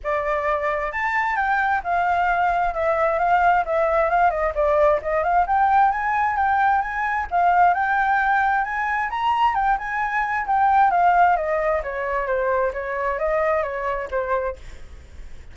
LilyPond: \new Staff \with { instrumentName = "flute" } { \time 4/4 \tempo 4 = 132 d''2 a''4 g''4 | f''2 e''4 f''4 | e''4 f''8 dis''8 d''4 dis''8 f''8 | g''4 gis''4 g''4 gis''4 |
f''4 g''2 gis''4 | ais''4 g''8 gis''4. g''4 | f''4 dis''4 cis''4 c''4 | cis''4 dis''4 cis''4 c''4 | }